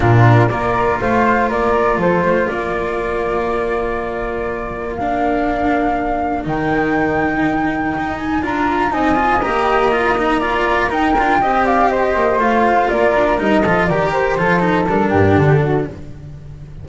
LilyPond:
<<
  \new Staff \with { instrumentName = "flute" } { \time 4/4 \tempo 4 = 121 ais'4 d''4 f''4 d''4 | c''4 d''2.~ | d''2 f''2~ | f''4 g''2.~ |
g''8 gis''8 ais''4 gis''4 ais''4~ | ais''2 g''4. f''8 | dis''4 f''4 d''4 dis''4 | d''8 c''4. ais'4 a'4 | }
  \new Staff \with { instrumentName = "flute" } { \time 4/4 f'4 ais'4 c''4 ais'4 | a'8 c''8 ais'2.~ | ais'1~ | ais'1~ |
ais'2 dis''2~ | dis''4 d''4 ais'4 dis''8 d''8 | c''2 ais'4. a'8 | ais'4 a'4. g'4 fis'8 | }
  \new Staff \with { instrumentName = "cello" } { \time 4/4 d'4 f'2.~ | f'1~ | f'2 d'2~ | d'4 dis'2.~ |
dis'4 f'4 dis'8 f'8 g'4 | f'8 dis'8 f'4 dis'8 f'8 g'4~ | g'4 f'2 dis'8 f'8 | g'4 f'8 dis'8 d'2 | }
  \new Staff \with { instrumentName = "double bass" } { \time 4/4 ais,4 ais4 a4 ais4 | f8 a8 ais2.~ | ais1~ | ais4 dis2. |
dis'4 d'4 c'4 ais4~ | ais2 dis'8 d'8 c'4~ | c'8 ais8 a4 ais8 d'8 g8 f8 | dis4 f4 g8 g,8 d4 | }
>>